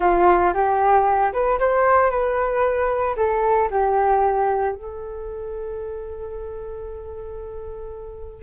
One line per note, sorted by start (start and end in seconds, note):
0.00 0.53 F4
0.53 1.32 G4
1.32 1.59 B4
1.59 2.10 C5
2.10 3.15 B4
3.16 3.69 A4
3.70 4.75 G4
4.75 8.42 A4